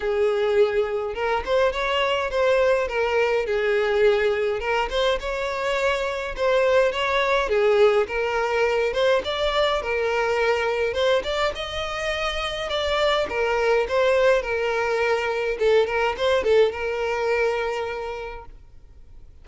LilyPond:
\new Staff \with { instrumentName = "violin" } { \time 4/4 \tempo 4 = 104 gis'2 ais'8 c''8 cis''4 | c''4 ais'4 gis'2 | ais'8 c''8 cis''2 c''4 | cis''4 gis'4 ais'4. c''8 |
d''4 ais'2 c''8 d''8 | dis''2 d''4 ais'4 | c''4 ais'2 a'8 ais'8 | c''8 a'8 ais'2. | }